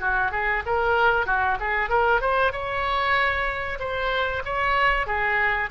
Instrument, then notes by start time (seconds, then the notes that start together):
oboe
0.00 F#4
0.31 G#4
0.66 A#4
1.26 F#4
1.59 G#4
1.89 A#4
2.21 C5
2.52 C#5
3.79 C5
4.45 C#5
5.06 G#4